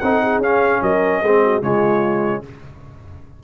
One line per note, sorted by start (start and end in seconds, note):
0.00 0.39 C4
0.00 0.43 D#4
0.00 0.22 A4
0.00 0.41 F#5
0.22 0.82 G#4
0.39 0.79 C#4
0.39 1.24 C#4
0.39 0.83 F5
0.82 1.23 F#3
0.82 1.22 A#4
0.82 1.63 D#5
1.22 1.62 G#3
1.22 1.62 C4
1.22 1.42 G#4
1.44 1.62 F#4
1.62 2.43 C#3
1.62 2.43 G#3
1.62 2.43 F4
1.62 2.44 C#5